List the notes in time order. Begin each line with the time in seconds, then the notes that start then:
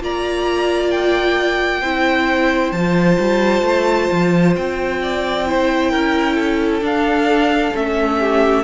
0.00 A#3 F4 D5 A#5
0.91 G5
1.81 C4 E4 C5
2.72 F3 F4 A5
3.20 G3
3.62 A3
4.12 F3
4.56 C4 G5
5.02 D5
5.47 E4 C5
5.91 C#4 A#4
6.35 A4
6.81 D4 F5
7.74 A3 C#4 E5
8.20 G4